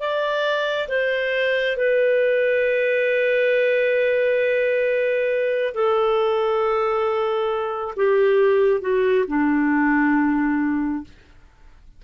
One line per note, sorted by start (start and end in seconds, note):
0.00 0.88 D5
0.89 1.77 C5
1.77 5.74 B4
5.74 7.95 A4
7.97 8.82 G4
8.82 9.26 F#4
9.28 11.05 D4